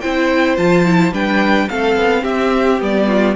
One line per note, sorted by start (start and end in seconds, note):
0.00 0.57 C4
0.00 0.57 E4
0.00 1.13 C5
0.00 0.56 G5
0.57 1.12 F3
0.57 0.85 F4
0.57 1.13 A5
0.85 1.13 E4
1.12 1.68 G3
1.12 1.69 D4
1.12 1.69 B4
1.12 1.69 G5
1.69 1.96 A3
1.69 2.79 C4
1.69 2.22 A4
1.69 2.24 F5
1.96 2.24 B3
2.22 2.81 C4
2.22 3.06 G4
2.22 2.80 E5
2.79 3.36 G3
2.79 3.36 B3
2.79 3.36 D5
3.06 3.34 F4